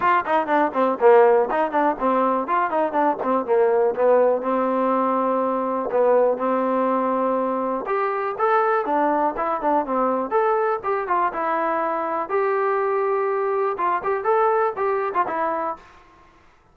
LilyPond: \new Staff \with { instrumentName = "trombone" } { \time 4/4 \tempo 4 = 122 f'8 dis'8 d'8 c'8 ais4 dis'8 d'8 | c'4 f'8 dis'8 d'8 c'8 ais4 | b4 c'2. | b4 c'2. |
g'4 a'4 d'4 e'8 d'8 | c'4 a'4 g'8 f'8 e'4~ | e'4 g'2. | f'8 g'8 a'4 g'8. f'16 e'4 | }